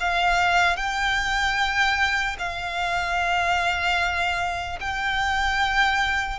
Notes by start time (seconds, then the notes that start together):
0.00 F5
0.76 G5
2.39 F5
4.80 G5